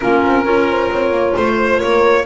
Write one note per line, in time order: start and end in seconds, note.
0.00 0.25 A#3
0.00 0.45 C#4
0.00 0.44 F4
0.00 1.33 A#4
0.25 0.45 C4
0.44 0.90 C#4
0.44 2.25 F4
0.44 0.67 A#4
0.69 0.91 C5
0.91 1.10 C4
0.91 1.36 C#5
1.10 1.33 A#3
1.36 1.81 A3
1.36 1.80 C5
1.36 1.77 C5
1.77 2.25 A#3
1.77 2.22 A#4
1.77 2.25 C#5